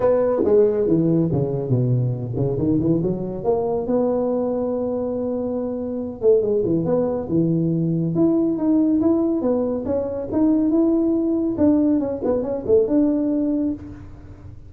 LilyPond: \new Staff \with { instrumentName = "tuba" } { \time 4/4 \tempo 4 = 140 b4 gis4 e4 cis4 | b,4. cis8 dis8 e8 fis4 | ais4 b2.~ | b2~ b8 a8 gis8 e8 |
b4 e2 e'4 | dis'4 e'4 b4 cis'4 | dis'4 e'2 d'4 | cis'8 b8 cis'8 a8 d'2 | }